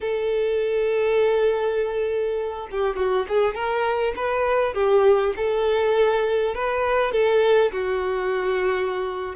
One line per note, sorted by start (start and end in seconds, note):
0.00 2.68 A4
2.71 2.96 G4
2.96 3.26 F#4
3.28 3.54 G#4
3.54 4.14 A#4
4.16 4.74 B4
4.74 5.33 G4
5.36 6.55 A4
6.55 7.12 B4
7.12 7.71 A4
7.72 9.35 F#4